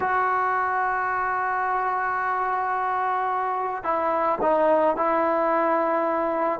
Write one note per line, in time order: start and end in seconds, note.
0.00 3.83 F#4
3.83 4.38 E4
4.41 4.96 D#4
4.96 6.60 E4